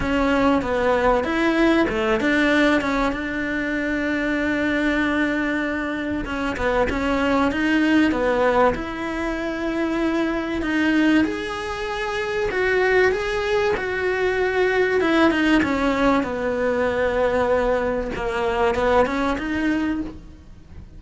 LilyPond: \new Staff \with { instrumentName = "cello" } { \time 4/4 \tempo 4 = 96 cis'4 b4 e'4 a8 d'8~ | d'8 cis'8 d'2.~ | d'2 cis'8 b8 cis'4 | dis'4 b4 e'2~ |
e'4 dis'4 gis'2 | fis'4 gis'4 fis'2 | e'8 dis'8 cis'4 b2~ | b4 ais4 b8 cis'8 dis'4 | }